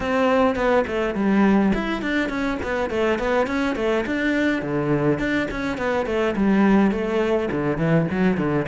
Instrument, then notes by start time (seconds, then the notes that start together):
cello
0.00 C4
0.55 B3
0.87 A3
1.14 G3
1.73 E4
2.01 D4
2.29 C#4
2.62 B3
2.90 A3
3.19 B3
3.46 C#4
3.75 A3
4.06 D4
4.62 D3
5.18 D4
5.50 C#4
5.77 B3
6.06 A3
6.35 G3
6.91 A3
7.51 D3
7.77 E3
8.11 F#3
8.37 D3